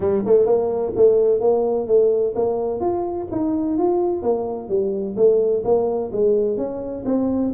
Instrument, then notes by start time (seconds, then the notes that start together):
tuba
0.00 G3
0.25 A3
0.45 A#3
0.95 A3
1.40 A#3
1.87 A3
2.35 A#3
2.80 F4
3.31 D#4
3.77 F4
4.22 A#3
4.68 G3
5.16 A3
5.64 A#3
6.12 G#3
6.57 C#4
7.05 C4